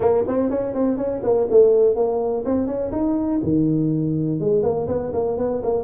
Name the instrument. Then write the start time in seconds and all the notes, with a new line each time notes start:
tuba
0.00 A#3
0.27 C4
0.50 C#4
0.74 C4
0.97 C#4
1.23 A#3
1.50 A3
1.95 A#3
2.45 C4
2.67 C#4
2.91 D#4
3.43 D#3
4.39 G#3
4.62 A#3
4.87 B3
5.13 A#3
5.37 B3
5.63 A#3